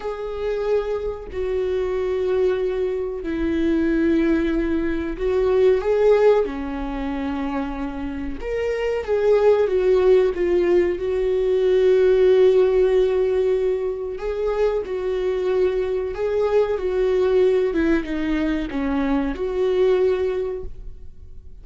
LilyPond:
\new Staff \with { instrumentName = "viola" } { \time 4/4 \tempo 4 = 93 gis'2 fis'2~ | fis'4 e'2. | fis'4 gis'4 cis'2~ | cis'4 ais'4 gis'4 fis'4 |
f'4 fis'2.~ | fis'2 gis'4 fis'4~ | fis'4 gis'4 fis'4. e'8 | dis'4 cis'4 fis'2 | }